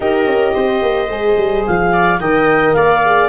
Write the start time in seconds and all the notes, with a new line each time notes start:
0.00 D#4 G4 A#4 D#5
0.25 C#4
0.53 C4 C5
0.82 A#3
1.09 G#3 G#4
1.37 G3
1.66 F3 F5
1.92 D5
2.19 D#3 A#4 D#5 G5
2.73 A#3 D5 F5
3.04 G#4